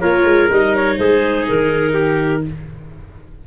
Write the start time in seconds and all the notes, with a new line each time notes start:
0.00 A#3 F4 A#4 C#5
0.24 G#3
0.50 G3 D#4 D#5
0.76 C#5
0.97 G#3 G#4 C5
1.48 D#3 A#4
1.94 G4